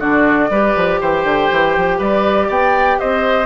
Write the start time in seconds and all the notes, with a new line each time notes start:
0.00 D3 D4 F#4 D5
0.50 G3 G4 B4
0.76 F3
1.01 E3 C5 G5
1.25 D3
1.53 E3
1.77 F3
1.99 G3 B4 D5
2.48 B3 D5 G5
3.00 C4 C5 D#5